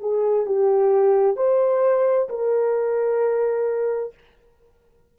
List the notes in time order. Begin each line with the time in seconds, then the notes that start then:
0.00 G#4
0.46 G4
1.36 C5
2.29 A#4